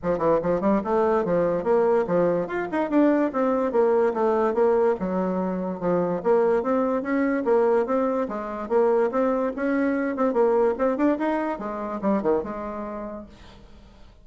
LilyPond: \new Staff \with { instrumentName = "bassoon" } { \time 4/4 \tempo 4 = 145 f8 e8 f8 g8 a4 f4 | ais4 f4 f'8 dis'8 d'4 | c'4 ais4 a4 ais4 | fis2 f4 ais4 |
c'4 cis'4 ais4 c'4 | gis4 ais4 c'4 cis'4~ | cis'8 c'8 ais4 c'8 d'8 dis'4 | gis4 g8 dis8 gis2 | }